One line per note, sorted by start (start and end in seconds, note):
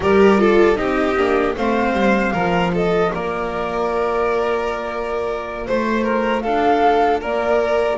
0.00 0.77 G3
0.00 0.38 G4
0.00 0.40 A#4
0.00 0.76 D5
0.38 0.75 F4
0.38 0.77 A4
0.75 1.15 C4
0.75 1.14 D#4
0.75 1.55 G4
0.75 1.54 D#5
1.15 1.54 A#3
1.15 1.56 D4
1.56 1.93 A3
1.56 2.33 C4
1.56 2.32 C5
1.56 2.74 F5
1.93 2.31 G3
2.32 3.11 F3
2.32 7.97 F4
2.32 2.71 A#4
2.73 3.12 A4
2.73 3.13 D#5
3.14 5.67 A#3
3.14 5.66 A#4
3.14 5.67 D5
5.66 6.45 A3
5.66 6.03 C5
5.66 6.40 C5
6.03 6.42 A#4
6.40 7.21 D4
6.40 7.20 A4
6.40 7.18 F5
7.20 7.97 A#3
7.20 7.97 A#4
7.20 7.97 D5